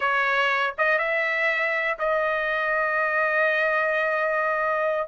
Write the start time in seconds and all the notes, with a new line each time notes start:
0.00 C#5
0.78 D#5
0.98 E5
1.98 D#5